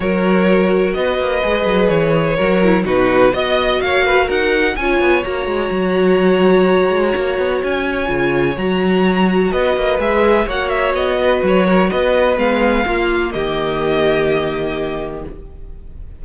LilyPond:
<<
  \new Staff \with { instrumentName = "violin" } { \time 4/4 \tempo 4 = 126 cis''2 dis''2 | cis''2 b'4 dis''4 | f''4 fis''4 gis''4 ais''4~ | ais''1 |
gis''2 ais''2 | dis''4 e''4 fis''8 e''8 dis''4 | cis''4 dis''4 f''2 | dis''1 | }
  \new Staff \with { instrumentName = "violin" } { \time 4/4 ais'2 b'2~ | b'4 ais'4 fis'4 dis''4 | cis''8 b'8 ais'4 cis''2~ | cis''1~ |
cis''1 | b'2 cis''4. b'8~ | b'8 ais'8 b'2 f'4 | g'1 | }
  \new Staff \with { instrumentName = "viola" } { \time 4/4 fis'2. gis'4~ | gis'4 fis'8 e'8 dis'4 fis'4~ | fis'2 f'4 fis'4~ | fis'1~ |
fis'4 f'4 fis'2~ | fis'4 gis'4 fis'2~ | fis'2 b4 ais4~ | ais1 | }
  \new Staff \with { instrumentName = "cello" } { \time 4/4 fis2 b8 ais8 gis8 fis8 | e4 fis4 b,4 b4 | ais4 dis'4 cis'8 b8 ais8 gis8 | fis2~ fis8 gis8 ais8 b8 |
cis'4 cis4 fis2 | b8 ais8 gis4 ais4 b4 | fis4 b4 gis4 ais4 | dis1 | }
>>